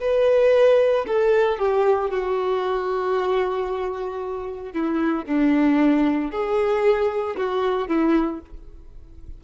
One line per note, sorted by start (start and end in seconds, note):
0.00 1.05 B4
1.07 1.58 A4
1.58 2.10 G4
2.10 4.73 F#4
4.73 5.25 E4
5.25 6.31 D4
6.31 7.36 G#4
7.36 7.88 F#4
7.88 8.40 E4